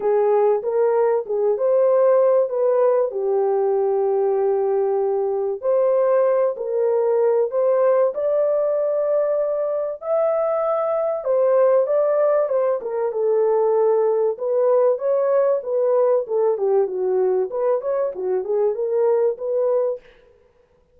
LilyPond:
\new Staff \with { instrumentName = "horn" } { \time 4/4 \tempo 4 = 96 gis'4 ais'4 gis'8 c''4. | b'4 g'2.~ | g'4 c''4. ais'4. | c''4 d''2. |
e''2 c''4 d''4 | c''8 ais'8 a'2 b'4 | cis''4 b'4 a'8 g'8 fis'4 | b'8 cis''8 fis'8 gis'8 ais'4 b'4 | }